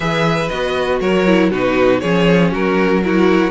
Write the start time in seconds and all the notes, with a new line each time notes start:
0.00 E3 G#4 B4 E5
0.48 B3 F#4 D#5
1.00 F#3 A#4 C#5
1.26 E4
1.50 B2 D#4 F#4 B4
2.00 F3 C#4 G#4 C#5
2.51 F#3 F#4 A#4
3.02 E4 F#4 A#4